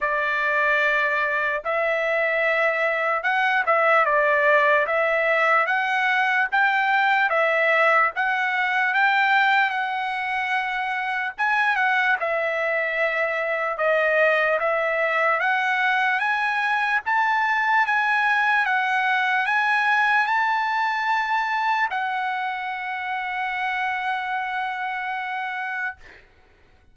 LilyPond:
\new Staff \with { instrumentName = "trumpet" } { \time 4/4 \tempo 4 = 74 d''2 e''2 | fis''8 e''8 d''4 e''4 fis''4 | g''4 e''4 fis''4 g''4 | fis''2 gis''8 fis''8 e''4~ |
e''4 dis''4 e''4 fis''4 | gis''4 a''4 gis''4 fis''4 | gis''4 a''2 fis''4~ | fis''1 | }